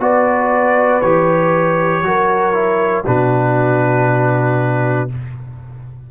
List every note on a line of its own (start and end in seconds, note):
0.00 1.02 B3
0.00 1.02 F#4
0.00 2.05 B4
0.00 1.01 D5
1.01 2.03 E3
1.01 2.04 G4
1.01 3.05 C#5
2.03 3.05 F#3
2.03 2.54 F#4
2.03 3.07 A#4
2.54 3.04 E4
3.06 5.11 B2
3.06 5.10 D4
3.06 5.11 F#4
3.06 5.10 B4